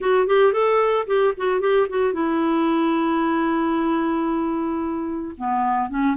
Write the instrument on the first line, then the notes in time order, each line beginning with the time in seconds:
clarinet
0.00 F#4
0.27 G4
0.52 A4
1.07 G4
1.37 F#4
1.60 G4
1.89 F#4
2.13 E4
5.37 B3
5.89 C#4